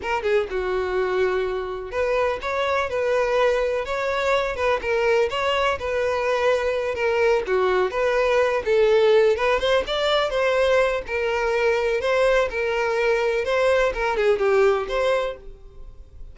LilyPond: \new Staff \with { instrumentName = "violin" } { \time 4/4 \tempo 4 = 125 ais'8 gis'8 fis'2. | b'4 cis''4 b'2 | cis''4. b'8 ais'4 cis''4 | b'2~ b'8 ais'4 fis'8~ |
fis'8 b'4. a'4. b'8 | c''8 d''4 c''4. ais'4~ | ais'4 c''4 ais'2 | c''4 ais'8 gis'8 g'4 c''4 | }